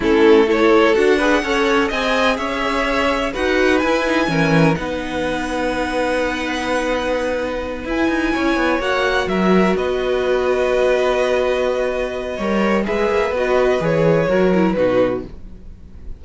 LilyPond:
<<
  \new Staff \with { instrumentName = "violin" } { \time 4/4 \tempo 4 = 126 a'4 cis''4 fis''2 | gis''4 e''2 fis''4 | gis''2 fis''2~ | fis''1~ |
fis''8 gis''2 fis''4 e''8~ | e''8 dis''2.~ dis''8~ | dis''2. e''4 | dis''4 cis''2 b'4 | }
  \new Staff \with { instrumentName = "violin" } { \time 4/4 e'4 a'4. b'8 cis''4 | dis''4 cis''2 b'4~ | b'4 ais'4 b'2~ | b'1~ |
b'4. cis''2 ais'8~ | ais'8 b'2.~ b'8~ | b'2 cis''4 b'4~ | b'2 ais'4 fis'4 | }
  \new Staff \with { instrumentName = "viola" } { \time 4/4 cis'4 e'4 fis'8 gis'8 a'4 | gis'2. fis'4 | e'8 dis'8 cis'4 dis'2~ | dis'1~ |
dis'8 e'2 fis'4.~ | fis'1~ | fis'2 ais'4 gis'4 | fis'4 gis'4 fis'8 e'8 dis'4 | }
  \new Staff \with { instrumentName = "cello" } { \time 4/4 a2 d'4 cis'4 | c'4 cis'2 dis'4 | e'4 e4 b2~ | b1~ |
b8 e'8 dis'8 cis'8 b8 ais4 fis8~ | fis8 b2.~ b8~ | b2 g4 gis8 ais8 | b4 e4 fis4 b,4 | }
>>